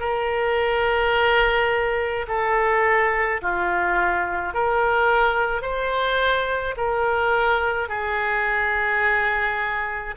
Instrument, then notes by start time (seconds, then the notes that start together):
oboe
0.00 A#4
2.28 A4
3.42 F4
4.54 A#4
5.62 C5
6.77 A#4
7.89 G#4